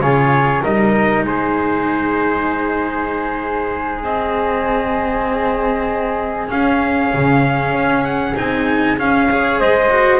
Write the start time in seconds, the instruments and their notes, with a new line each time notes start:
0.00 double bass C#3, cello F4, flute G#4, trumpet C#5
0.62 double bass G3, cello D#4, flute A#4, trumpet D#5
1.24 double bass G#3, flute G#4, trumpet C5
4.03 cello C4, trumpet D#5
6.48 cello C#4, double bass C#4, trumpet F5
7.14 double bass C#3
7.72 double bass C#4
8.03 trumpet F#5
8.35 double bass C4, cello D#4, trumpet G#5
8.97 cello C#4, double bass C#4, trumpet F5
9.30 cello G#4, flute C#5
9.59 double bass G#3, flute C5, trumpet D#5
9.89 cello F#4